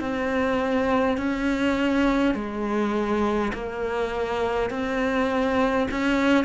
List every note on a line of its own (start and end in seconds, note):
0.00 1.18 C4
1.18 2.35 C#4
2.35 3.52 G#3
3.53 4.71 A#3
4.71 5.88 C4
5.91 6.45 C#4